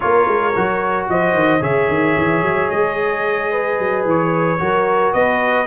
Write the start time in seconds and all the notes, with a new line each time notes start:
0.00 A#3 F4 A#4 C#5
0.27 G#3
0.56 F#3 F#4
1.08 F3 C5 D#5
1.33 D#3
1.60 C#3 G#4 C#5 E5
1.88 D#3
2.17 E3
2.42 F#3
2.70 G#3 D#5
3.51 B4
3.78 F#3
4.04 E3 C#5
4.58 F#3 F#4 A#4
5.13 B3 B4 D#5